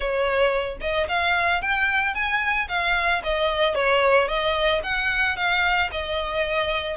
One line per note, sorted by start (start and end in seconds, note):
0.00 0.78 C#5
0.80 1.07 D#5
1.08 1.61 F5
1.61 2.14 G5
2.14 2.68 G#5
2.68 3.22 F5
3.23 3.75 D#5
3.75 4.28 C#5
4.28 4.81 D#5
4.83 5.36 F#5
5.36 5.90 F5
5.91 6.96 D#5